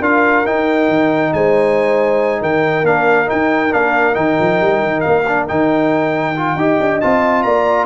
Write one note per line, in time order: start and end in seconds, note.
0.00 0.45 D4
0.00 0.46 F4
0.00 1.31 A#4
0.00 0.46 F5
0.46 0.89 D#4
0.46 2.85 D#4
0.46 1.33 G5
0.89 1.32 D#3
1.33 2.42 G#3
1.33 2.41 C5
1.33 2.43 G#5
2.41 2.84 D#3
2.41 6.57 A#4
2.41 2.86 G5
2.84 3.27 A#3
2.84 3.26 D4
2.84 3.30 F5
3.26 3.70 D#4
3.26 3.73 G5
3.32 3.74 D#4
3.71 4.16 A#3
3.71 4.14 D4
3.71 4.15 F5
4.14 4.38 D#3
4.14 5.23 D#4
4.14 5.01 G5
4.40 4.61 F3
4.61 4.82 G3
4.82 5.04 D#3
5.01 5.50 A#3
5.01 5.45 F5
5.28 5.48 D4
5.48 6.56 D#3
5.48 6.36 D#4
5.48 7.01 G5
6.37 6.59 F4
6.56 6.78 D#4
6.56 7.02 G4
6.56 7.46 D#5
6.80 7.02 D4
7.01 7.45 C4
7.01 7.86 F4
7.01 7.43 A5
7.43 7.86 A#3
7.43 7.86 D5
7.43 7.86 A#5